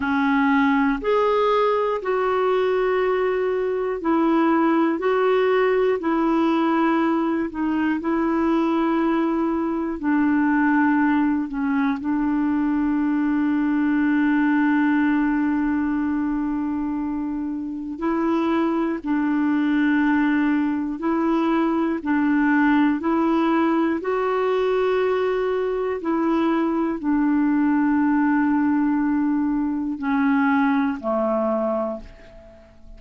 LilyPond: \new Staff \with { instrumentName = "clarinet" } { \time 4/4 \tempo 4 = 60 cis'4 gis'4 fis'2 | e'4 fis'4 e'4. dis'8 | e'2 d'4. cis'8 | d'1~ |
d'2 e'4 d'4~ | d'4 e'4 d'4 e'4 | fis'2 e'4 d'4~ | d'2 cis'4 a4 | }